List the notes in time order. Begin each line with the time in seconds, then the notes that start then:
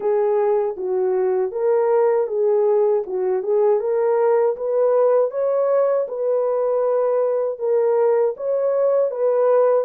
0.00 G#4
0.77 F#4
1.51 A#4
2.27 G#4
3.06 F#4
3.42 G#4
3.80 A#4
4.56 B4
5.31 C#5
6.08 B4
7.58 A#4
8.36 C#5
9.10 B4